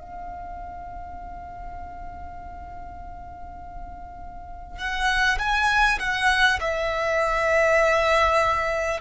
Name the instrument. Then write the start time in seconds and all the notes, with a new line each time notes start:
violin
0.00 F5
4.78 F#5
5.39 G#5
5.99 F#5
6.61 E5